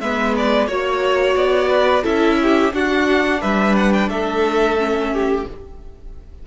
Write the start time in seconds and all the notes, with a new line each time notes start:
0.00 G#3 B3 B4 E5
0.37 D5
0.67 A#3 F#4 C#5
1.36 B3 D5
1.69 B4
2.03 C#4 E4 A4 E5
2.42 G4
2.72 D4 F#4 F#5
3.41 G3 B4 E5
3.76 F#5
3.93 G5
4.08 A3 A4 E5
4.77 C#4
5.12 G4